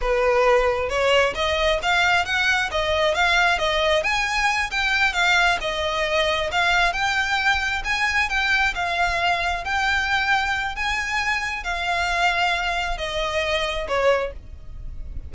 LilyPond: \new Staff \with { instrumentName = "violin" } { \time 4/4 \tempo 4 = 134 b'2 cis''4 dis''4 | f''4 fis''4 dis''4 f''4 | dis''4 gis''4. g''4 f''8~ | f''8 dis''2 f''4 g''8~ |
g''4. gis''4 g''4 f''8~ | f''4. g''2~ g''8 | gis''2 f''2~ | f''4 dis''2 cis''4 | }